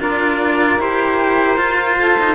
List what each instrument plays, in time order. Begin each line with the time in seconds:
0.00 cello D4 F4, saxophone A#4, trumpet D5
0.79 cello E4 G4, trumpet C5
1.57 cello F4
1.98 saxophone A4
2.20 cello D#4